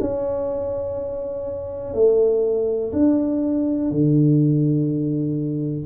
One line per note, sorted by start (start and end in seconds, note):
0.00 1.94 C#4
1.94 2.92 A3
2.92 3.91 D4
3.91 5.85 D3